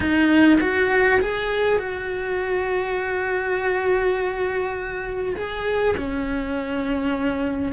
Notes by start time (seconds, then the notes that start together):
0.00 D#4
0.60 F#4
1.20 G#4
1.78 F#4
5.36 G#4
5.96 C#4